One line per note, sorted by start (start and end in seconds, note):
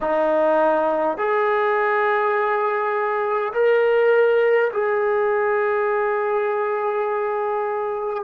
0.01 1.17 D#4
1.17 3.52 G#4
3.53 4.71 A#4
4.72 8.24 G#4